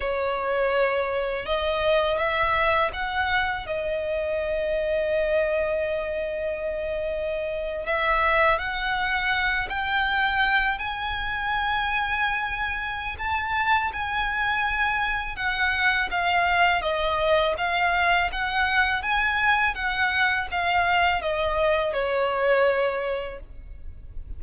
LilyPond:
\new Staff \with { instrumentName = "violin" } { \time 4/4 \tempo 4 = 82 cis''2 dis''4 e''4 | fis''4 dis''2.~ | dis''2~ dis''8. e''4 fis''16~ | fis''4~ fis''16 g''4. gis''4~ gis''16~ |
gis''2 a''4 gis''4~ | gis''4 fis''4 f''4 dis''4 | f''4 fis''4 gis''4 fis''4 | f''4 dis''4 cis''2 | }